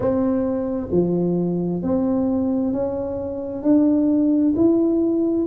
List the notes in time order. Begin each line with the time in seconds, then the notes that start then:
0.00 C4
0.91 F3
1.82 C4
2.72 C#4
3.62 D4
4.55 E4